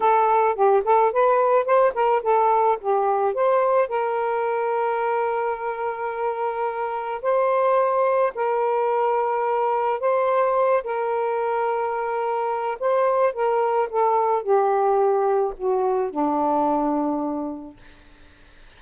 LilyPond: \new Staff \with { instrumentName = "saxophone" } { \time 4/4 \tempo 4 = 108 a'4 g'8 a'8 b'4 c''8 ais'8 | a'4 g'4 c''4 ais'4~ | ais'1~ | ais'4 c''2 ais'4~ |
ais'2 c''4. ais'8~ | ais'2. c''4 | ais'4 a'4 g'2 | fis'4 d'2. | }